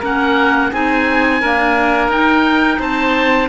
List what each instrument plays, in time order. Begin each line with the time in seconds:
0.00 cello A#3, clarinet C#4, oboe A#4 F#5
0.71 cello C4, clarinet D#4, oboe G#4 G#5
1.41 clarinet A#3, cello D4, oboe A#4
2.08 cello D#4, clarinet D#4, oboe G5
2.79 cello C4, oboe C5 A5